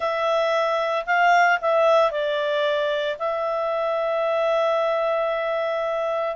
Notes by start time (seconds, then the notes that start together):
0.00 E5
1.06 F5
1.61 E5
2.11 D5
3.18 E5